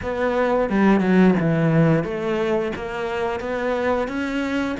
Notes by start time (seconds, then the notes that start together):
0.02 B3
0.69 G3
1.00 F#3
1.40 E3
2.04 A3
2.75 A#3
3.40 B3
4.08 C#4